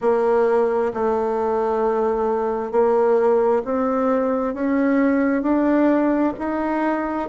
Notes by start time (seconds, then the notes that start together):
0.01 A#3
0.93 A3
2.71 A#3
3.64 C4
4.54 C#4
5.42 D4
6.38 D#4